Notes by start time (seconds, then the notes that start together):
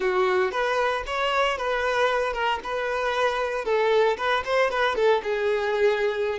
0.00 F#4
0.51 B4
1.06 C#5
1.57 B4
2.33 A#4
2.63 B4
3.64 A4
4.17 B4
4.44 C5
4.70 B4
4.95 A4
5.23 G#4